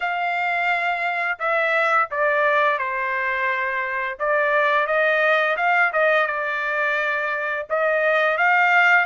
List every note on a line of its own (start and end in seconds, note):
0.00 1.38 F5
1.39 2.09 E5
2.11 2.78 D5
2.78 4.17 C5
4.19 4.86 D5
4.86 5.56 D#5
5.57 5.91 F5
5.92 6.26 D#5
6.26 7.66 D5
7.69 8.37 D#5
8.37 9.05 F5